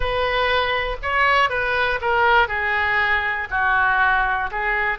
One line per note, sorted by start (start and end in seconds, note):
0.00 0.97 B4
1.02 1.49 C#5
1.49 1.99 B4
2.01 2.48 A#4
2.48 3.47 G#4
3.50 4.50 F#4
4.51 4.98 G#4